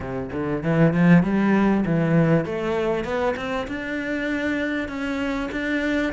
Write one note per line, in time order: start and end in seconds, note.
0.00 0.30 C3
0.32 0.63 D3
0.63 0.93 E3
0.93 1.23 F3
1.23 1.84 G3
1.85 2.45 E3
2.45 3.04 A3
3.04 3.35 B3
3.36 3.67 C4
3.67 4.88 D4
4.88 5.49 C#4
5.51 6.12 D4